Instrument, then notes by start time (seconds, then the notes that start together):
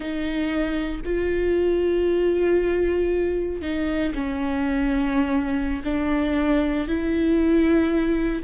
viola
0.00 D#4
1.05 F4
3.61 D#4
4.14 C#4
5.84 D4
6.87 E4